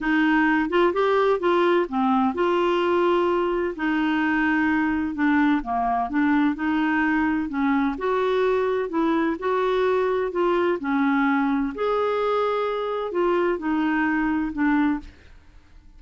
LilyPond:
\new Staff \with { instrumentName = "clarinet" } { \time 4/4 \tempo 4 = 128 dis'4. f'8 g'4 f'4 | c'4 f'2. | dis'2. d'4 | ais4 d'4 dis'2 |
cis'4 fis'2 e'4 | fis'2 f'4 cis'4~ | cis'4 gis'2. | f'4 dis'2 d'4 | }